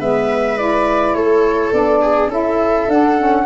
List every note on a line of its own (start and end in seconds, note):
0.00 1.15 G#3
0.00 0.58 B3
0.00 1.16 B4
0.00 0.58 E5
0.58 1.72 E4
0.58 1.15 D5
1.15 1.72 A3
1.15 2.03 A4
1.15 1.72 C#5
1.72 2.28 B3
1.72 2.30 D4
1.72 2.31 D5
2.03 2.31 G#4
2.28 2.86 C#4
2.28 2.87 E4
2.28 3.46 A4
2.28 2.91 E5
2.88 3.46 D4
2.88 3.19 D4
2.88 3.46 F#5
3.19 3.46 C#4